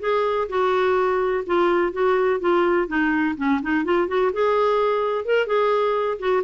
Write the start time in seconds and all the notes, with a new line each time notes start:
0.00 G#4
0.49 F#4
1.46 F4
1.92 F#4
2.40 F4
2.88 D#4
3.37 C#4
3.62 D#4
3.85 F4
4.08 F#4
4.33 G#4
5.25 A#4
5.47 G#4
6.19 F#4